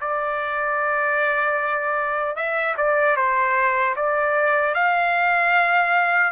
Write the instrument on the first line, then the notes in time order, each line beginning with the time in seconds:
trumpet
0.00 D5
2.35 E5
2.77 D5
3.16 C5
3.96 D5
4.74 F5